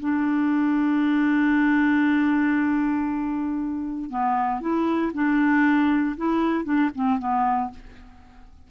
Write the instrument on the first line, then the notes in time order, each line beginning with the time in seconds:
clarinet
0.00 D4
4.10 B3
4.61 E4
5.14 D4
6.17 E4
6.64 D4
6.95 C4
7.19 B3